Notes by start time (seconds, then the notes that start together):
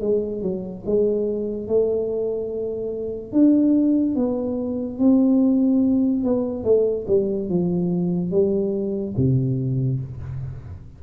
0.00 G#3
0.41 F#3
0.85 G#3
1.67 A3
3.32 D4
4.15 B3
4.98 C4
6.23 B3
6.64 A3
7.07 G3
7.49 F3
8.31 G3
9.16 C3